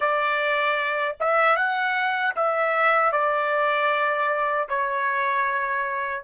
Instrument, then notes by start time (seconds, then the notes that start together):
trumpet
0.00 D5
1.19 E5
1.56 F#5
2.35 E5
3.12 D5
4.69 C#5